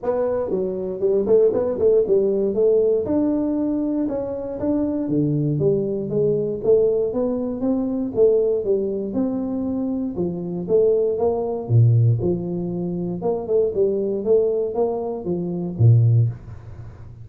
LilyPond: \new Staff \with { instrumentName = "tuba" } { \time 4/4 \tempo 4 = 118 b4 fis4 g8 a8 b8 a8 | g4 a4 d'2 | cis'4 d'4 d4 g4 | gis4 a4 b4 c'4 |
a4 g4 c'2 | f4 a4 ais4 ais,4 | f2 ais8 a8 g4 | a4 ais4 f4 ais,4 | }